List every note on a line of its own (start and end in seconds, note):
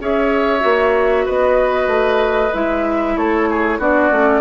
0.00 0.63 C#4
0.00 0.60 G#4
0.00 1.25 C#5
0.00 1.28 E5
0.60 1.27 A#3
0.60 2.49 F#4
1.25 1.87 B3
1.25 3.15 B4
1.25 2.54 D#5
1.87 2.50 A3
2.54 3.17 G#3
2.54 3.80 E4
2.54 3.17 E5
3.17 3.78 A3
3.17 3.49 A4
3.17 3.80 C#5
3.49 3.79 G#4
3.78 4.10 B3
3.78 4.11 D4
3.78 4.41 F#4
3.78 4.41 D5
4.11 4.41 A3
4.11 4.41 C#4